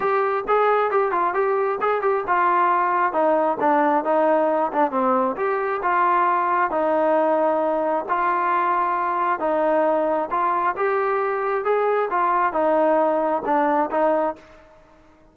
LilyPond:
\new Staff \with { instrumentName = "trombone" } { \time 4/4 \tempo 4 = 134 g'4 gis'4 g'8 f'8 g'4 | gis'8 g'8 f'2 dis'4 | d'4 dis'4. d'8 c'4 | g'4 f'2 dis'4~ |
dis'2 f'2~ | f'4 dis'2 f'4 | g'2 gis'4 f'4 | dis'2 d'4 dis'4 | }